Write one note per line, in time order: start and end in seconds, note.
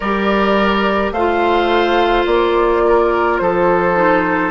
0.00 1.11 G3
0.00 1.17 G4
0.00 1.13 A#4
0.00 1.11 D5
1.11 2.25 A3
1.11 3.96 F4
1.11 2.83 C5
1.11 2.25 F5
2.25 3.39 A#3
2.25 3.38 D5
2.86 3.42 A#4
3.38 4.51 F3
3.38 4.51 A4
3.38 4.51 C5
3.96 4.51 D#4